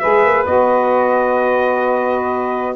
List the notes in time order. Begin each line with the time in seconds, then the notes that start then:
0.00 G#3 G#4 B4 E5
0.25 A#3
0.46 B3 F#4 D#5